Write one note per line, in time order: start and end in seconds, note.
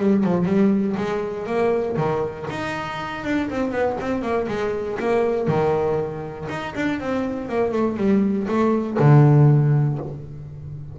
0.00 0.24 G3
0.24 0.46 F3
0.46 0.96 G3
0.97 1.47 G#3
1.47 1.97 A#3
1.97 2.47 D#3
2.50 3.25 D#4
3.25 3.50 D4
3.50 3.72 C4
3.72 3.97 B3
4.00 4.22 C4
4.22 4.47 A#3
4.48 4.98 G#3
5.00 5.48 A#3
5.48 6.48 D#3
6.49 6.74 D#4
6.75 7.00 D4
7.00 7.49 C4
7.49 7.72 A#3
7.72 7.97 A3
7.97 8.47 G3
8.48 8.98 A3
8.99 9.99 D3